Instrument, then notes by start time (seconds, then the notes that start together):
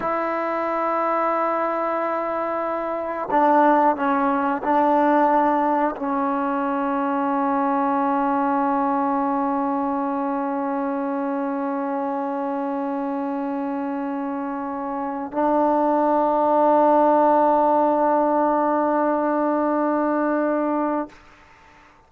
trombone
0.00 E4
3.30 D4
3.96 C#4
4.63 D4
5.96 C#4
15.31 D4